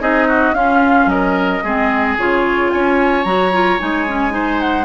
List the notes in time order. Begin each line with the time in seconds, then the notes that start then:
0.00 C4 D#4 G#4 D#5
0.28 F#4
0.53 C#4 F4 F5
1.06 F#3 A#4 D#5
1.63 G#3 C4 G#4
2.17 C#3 F4 C#5
2.70 C#4 C#5 G#5
3.24 F#3 F#4 A#5
3.52 F4
3.79 G#3 D#4 G#5
4.07 C#4
4.30 D#4 C5
4.60 F#5